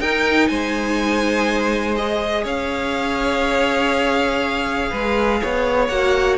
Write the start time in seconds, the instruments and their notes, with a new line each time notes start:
0.00 cello D#4, viola D#4, violin A#4 G5
0.48 cello G#3, violin C5 G#5
1.95 viola G#4, violin D#5
2.44 cello C#4, violin C#5 F5
4.91 cello G#3, violin B4
5.41 cello B3, violin C#5
5.87 cello A#3, viola F#4, violin F#5